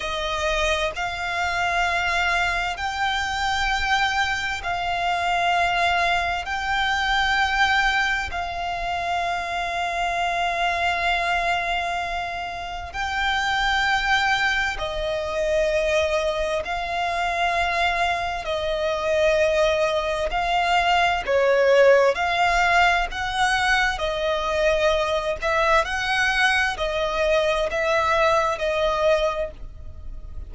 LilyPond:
\new Staff \with { instrumentName = "violin" } { \time 4/4 \tempo 4 = 65 dis''4 f''2 g''4~ | g''4 f''2 g''4~ | g''4 f''2.~ | f''2 g''2 |
dis''2 f''2 | dis''2 f''4 cis''4 | f''4 fis''4 dis''4. e''8 | fis''4 dis''4 e''4 dis''4 | }